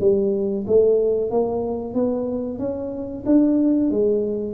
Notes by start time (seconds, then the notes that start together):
0.00 G3
0.67 A3
1.30 A#3
1.94 B3
2.58 C#4
3.26 D4
3.91 G#3